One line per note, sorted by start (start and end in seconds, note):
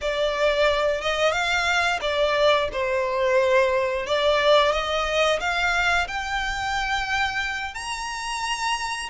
0.01 1.01 D5
1.01 1.32 D#5
1.32 1.99 F5
2.01 2.68 D5
2.72 4.06 C5
4.06 4.72 D5
4.72 5.39 D#5
5.39 6.07 F5
6.07 7.74 G5
7.74 9.09 A#5